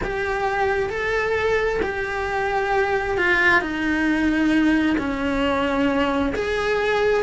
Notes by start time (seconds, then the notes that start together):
0.03 G4
0.89 A4
1.82 G4
3.17 F4
3.61 D#4
4.97 C#4
6.35 G#4